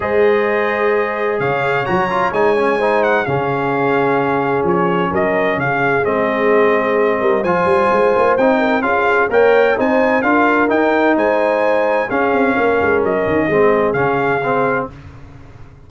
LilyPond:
<<
  \new Staff \with { instrumentName = "trumpet" } { \time 4/4 \tempo 4 = 129 dis''2. f''4 | ais''4 gis''4. fis''8 f''4~ | f''2 cis''4 dis''4 | f''4 dis''2. |
gis''2 g''4 f''4 | g''4 gis''4 f''4 g''4 | gis''2 f''2 | dis''2 f''2 | }
  \new Staff \with { instrumentName = "horn" } { \time 4/4 c''2. cis''4~ | cis''2 c''4 gis'4~ | gis'2. ais'4 | gis'2.~ gis'8 ais'8 |
c''2~ c''8 ais'8 gis'4 | cis''4 c''4 ais'2 | c''2 gis'4 ais'4~ | ais'4 gis'2. | }
  \new Staff \with { instrumentName = "trombone" } { \time 4/4 gis'1 | fis'8 f'8 dis'8 cis'8 dis'4 cis'4~ | cis'1~ | cis'4 c'2. |
f'2 dis'4 f'4 | ais'4 dis'4 f'4 dis'4~ | dis'2 cis'2~ | cis'4 c'4 cis'4 c'4 | }
  \new Staff \with { instrumentName = "tuba" } { \time 4/4 gis2. cis4 | fis4 gis2 cis4~ | cis2 f4 fis4 | cis4 gis2~ gis8 g8 |
f8 g8 gis8 ais8 c'4 cis'4 | ais4 c'4 d'4 dis'4 | gis2 cis'8 c'8 ais8 gis8 | fis8 dis8 gis4 cis2 | }
>>